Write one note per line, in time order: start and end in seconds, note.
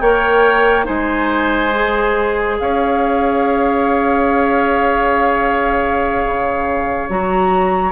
0.00 0.87 A#3
0.00 0.85 A#4
0.00 0.86 C#5
0.00 0.86 G5
0.85 2.60 G#3
0.85 1.71 D#4
0.85 2.57 C5
0.85 2.58 G#5
1.75 7.10 G#4
2.59 6.25 C#4
2.59 7.92 C#5
2.59 7.09 F5
6.26 7.09 C#3
7.09 7.92 F#3
7.09 7.92 F#4
7.09 7.92 A#5